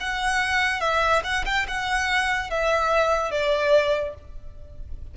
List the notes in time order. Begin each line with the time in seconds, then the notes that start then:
0.00 F#5
0.80 E5
1.23 F#5
1.45 G5
1.68 F#5
2.50 E5
3.31 D5